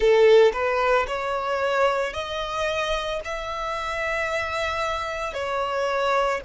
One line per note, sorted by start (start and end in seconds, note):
0.00 0.52 A4
0.53 1.06 B4
1.07 2.13 C#5
2.13 3.20 D#5
3.24 5.33 E5
5.33 6.40 C#5